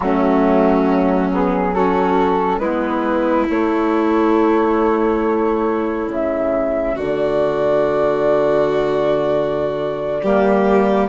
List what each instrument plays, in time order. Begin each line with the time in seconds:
0.00 bassoon F#3, saxophone A3, violin C#4, flute F#4
1.32 saxophone B3, flute G#4
1.74 saxophone C#4, violin F#4, flute A4
2.58 bassoon G#3, saxophone B3, violin E4, flute B4
3.48 saxophone A3, bassoon A3, flute C#5
6.08 bassoon C#3, flute E5
6.95 bassoon D3, violin F#4, flute D5
10.22 bassoon G3, saxophone A#3, violin G4